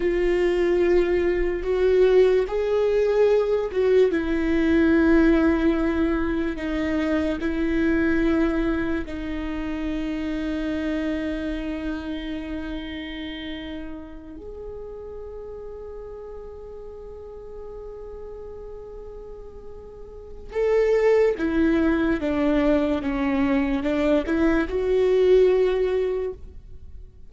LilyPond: \new Staff \with { instrumentName = "viola" } { \time 4/4 \tempo 4 = 73 f'2 fis'4 gis'4~ | gis'8 fis'8 e'2. | dis'4 e'2 dis'4~ | dis'1~ |
dis'4. gis'2~ gis'8~ | gis'1~ | gis'4 a'4 e'4 d'4 | cis'4 d'8 e'8 fis'2 | }